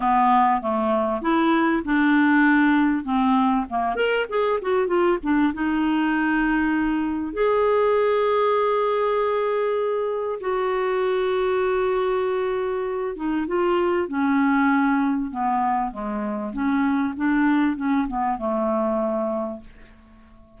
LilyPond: \new Staff \with { instrumentName = "clarinet" } { \time 4/4 \tempo 4 = 98 b4 a4 e'4 d'4~ | d'4 c'4 ais8 ais'8 gis'8 fis'8 | f'8 d'8 dis'2. | gis'1~ |
gis'4 fis'2.~ | fis'4. dis'8 f'4 cis'4~ | cis'4 b4 gis4 cis'4 | d'4 cis'8 b8 a2 | }